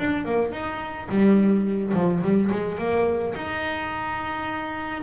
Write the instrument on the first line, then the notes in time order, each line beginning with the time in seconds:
double bass
0.00 D4
0.25 A#3
0.53 D#4
1.10 G3
1.94 F3
2.23 G3
2.52 G#3
2.79 A#3
3.35 D#4